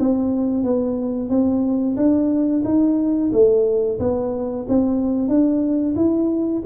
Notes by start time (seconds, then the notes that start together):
0.00 C4
0.64 B3
1.29 C4
1.96 D4
2.65 D#4
3.32 A3
3.99 B3
4.68 C4
5.28 D4
5.96 E4